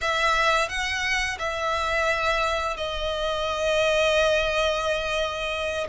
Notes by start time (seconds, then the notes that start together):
0.01 E5
0.69 F#5
1.39 E5
2.76 D#5